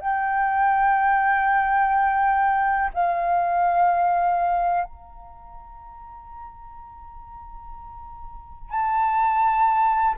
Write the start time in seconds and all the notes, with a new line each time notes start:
0.00 G5
2.93 F5
4.84 A#5
8.70 A5